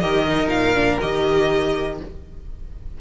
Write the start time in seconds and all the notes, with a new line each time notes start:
0.00 D#3 G4 A#4 D#5
0.28 D#4
0.48 A#2 F5
0.75 D4
1.01 D#3 G4 D#5